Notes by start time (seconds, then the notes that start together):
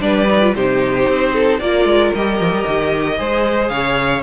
0.00 G3 D4 B4 D5
0.30 D#4
0.42 F4
0.55 C3 D#4 G4 C5
1.08 C4
1.34 A4
1.60 A#3 F4 A#4 D5
1.85 G#3
2.15 G3 G4 D#5
2.40 F3
2.51 G3
2.68 D#3
3.18 G#3 G#4 C5
3.69 C#3 C#5 F5